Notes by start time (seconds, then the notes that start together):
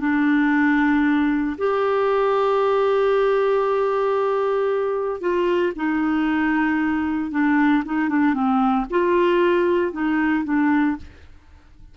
0.00 D4
1.58 G4
5.21 F4
5.76 D#4
7.31 D4
7.85 D#4
8.09 D4
8.34 C4
8.90 F4
9.92 D#4
10.44 D4